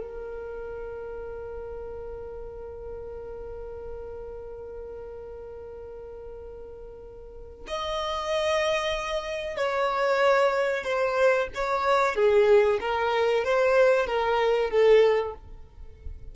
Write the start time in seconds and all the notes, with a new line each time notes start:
0.00 A#4
7.68 D#5
9.57 C#5
10.84 C5
11.55 C#5
12.15 G#4
12.81 A#4
13.44 C5
14.07 A#4
14.70 A4